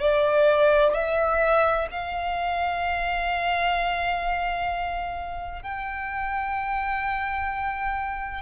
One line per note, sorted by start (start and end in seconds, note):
0.00 0.94 D5
0.94 1.87 E5
1.90 5.62 F5
5.62 8.42 G5